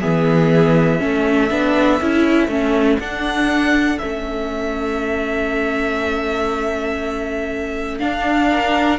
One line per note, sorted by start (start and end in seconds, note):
0.00 1.02 E3
0.00 0.99 B3
0.00 0.99 G#4
0.00 3.00 E5
0.99 1.51 A3
0.99 1.49 C#4
0.99 8.49 A4
1.51 2.01 B3
1.51 2.01 D4
2.01 2.48 C#4
2.01 2.50 E4
2.48 2.98 A3
2.48 3.00 C#4
2.99 3.99 D4
2.99 4.01 D4
2.99 3.99 F#5
3.99 8.02 A3
3.99 8.00 C#4
3.99 7.99 E5
8.00 8.99 D4
8.00 8.99 F5
8.51 8.99 A#4